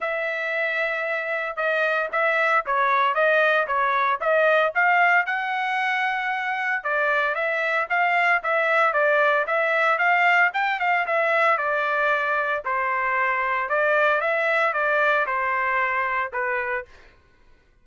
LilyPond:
\new Staff \with { instrumentName = "trumpet" } { \time 4/4 \tempo 4 = 114 e''2. dis''4 | e''4 cis''4 dis''4 cis''4 | dis''4 f''4 fis''2~ | fis''4 d''4 e''4 f''4 |
e''4 d''4 e''4 f''4 | g''8 f''8 e''4 d''2 | c''2 d''4 e''4 | d''4 c''2 b'4 | }